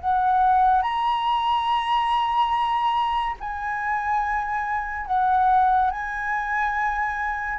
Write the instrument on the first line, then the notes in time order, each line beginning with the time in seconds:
flute
0.00 F#5
0.82 A#5
3.40 G#5
5.06 F#5
5.90 G#5